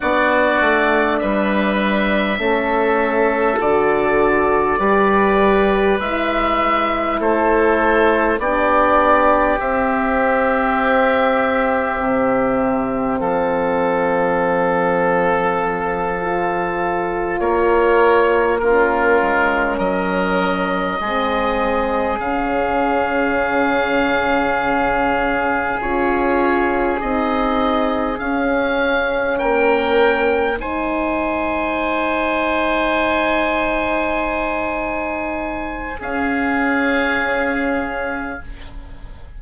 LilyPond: <<
  \new Staff \with { instrumentName = "oboe" } { \time 4/4 \tempo 4 = 50 d''4 e''2 d''4~ | d''4 e''4 c''4 d''4 | e''2. f''4~ | f''2~ f''8 cis''4 ais'8~ |
ais'8 dis''2 f''4.~ | f''4. cis''4 dis''4 f''8~ | f''8 g''4 gis''2~ gis''8~ | gis''2 f''2 | }
  \new Staff \with { instrumentName = "oboe" } { \time 4/4 fis'4 b'4 a'2 | b'2 a'4 g'4~ | g'2. a'4~ | a'2~ a'8 ais'4 f'8~ |
f'8 ais'4 gis'2~ gis'8~ | gis'1~ | gis'8 ais'4 c''2~ c''8~ | c''2 gis'2 | }
  \new Staff \with { instrumentName = "horn" } { \time 4/4 d'2 cis'4 fis'4 | g'4 e'2 d'4 | c'1~ | c'4. f'2 cis'8~ |
cis'4. c'4 cis'4.~ | cis'4. f'4 dis'4 cis'8~ | cis'4. dis'2~ dis'8~ | dis'2 cis'2 | }
  \new Staff \with { instrumentName = "bassoon" } { \time 4/4 b8 a8 g4 a4 d4 | g4 gis4 a4 b4 | c'2 c4 f4~ | f2~ f8 ais4. |
gis8 fis4 gis4 cis4.~ | cis4. cis'4 c'4 cis'8~ | cis'8 ais4 gis2~ gis8~ | gis2 cis'2 | }
>>